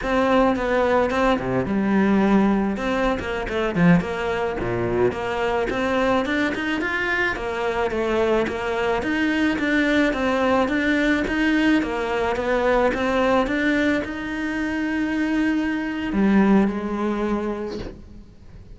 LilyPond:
\new Staff \with { instrumentName = "cello" } { \time 4/4 \tempo 4 = 108 c'4 b4 c'8 c8 g4~ | g4 c'8. ais8 a8 f8 ais8.~ | ais16 ais,4 ais4 c'4 d'8 dis'16~ | dis'16 f'4 ais4 a4 ais8.~ |
ais16 dis'4 d'4 c'4 d'8.~ | d'16 dis'4 ais4 b4 c'8.~ | c'16 d'4 dis'2~ dis'8.~ | dis'4 g4 gis2 | }